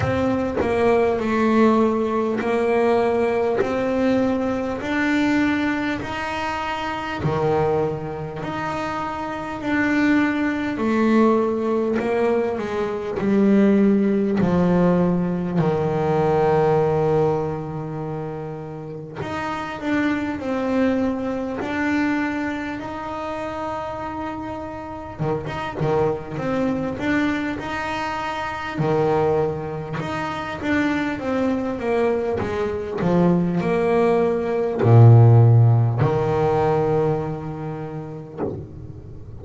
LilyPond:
\new Staff \with { instrumentName = "double bass" } { \time 4/4 \tempo 4 = 50 c'8 ais8 a4 ais4 c'4 | d'4 dis'4 dis4 dis'4 | d'4 a4 ais8 gis8 g4 | f4 dis2. |
dis'8 d'8 c'4 d'4 dis'4~ | dis'4 dis16 dis'16 dis8 c'8 d'8 dis'4 | dis4 dis'8 d'8 c'8 ais8 gis8 f8 | ais4 ais,4 dis2 | }